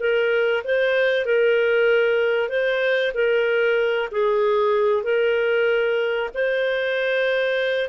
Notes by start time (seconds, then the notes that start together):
0.00 A#4
0.65 C5
1.25 A#4
2.49 C5
3.14 A#4
4.12 G#4
5.04 A#4
6.34 C5